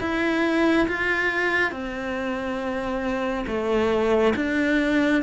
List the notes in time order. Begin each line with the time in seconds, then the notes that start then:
0.00 E4
0.87 F4
1.72 C4
3.47 A3
4.36 D4